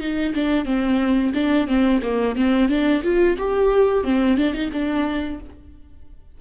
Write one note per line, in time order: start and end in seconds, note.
0.00 0.34 D#4
0.34 0.65 D4
0.65 1.32 C4
1.34 1.67 D4
1.67 2.01 C4
2.02 2.36 A#3
2.36 2.68 C4
2.68 3.02 D4
3.03 3.37 F4
3.37 4.04 G4
4.04 4.37 C4
4.37 4.54 D4
4.54 4.70 D#4
4.72 5.39 D4